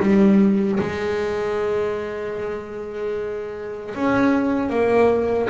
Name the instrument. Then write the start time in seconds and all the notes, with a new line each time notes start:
double bass
0.00 G3
0.80 G#3
3.95 C#4
4.69 A#3